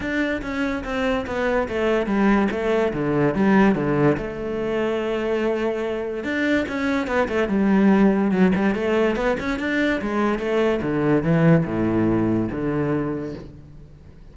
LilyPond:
\new Staff \with { instrumentName = "cello" } { \time 4/4 \tempo 4 = 144 d'4 cis'4 c'4 b4 | a4 g4 a4 d4 | g4 d4 a2~ | a2. d'4 |
cis'4 b8 a8 g2 | fis8 g8 a4 b8 cis'8 d'4 | gis4 a4 d4 e4 | a,2 d2 | }